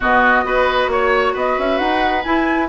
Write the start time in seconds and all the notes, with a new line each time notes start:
0.00 B2 B3 F#4 D#5
0.43 B3 F#4 B4
0.87 A#3 C#5
1.33 B3 B4 D#5
1.58 C#4 E5
1.77 D#4 F#5
2.23 E4 G#5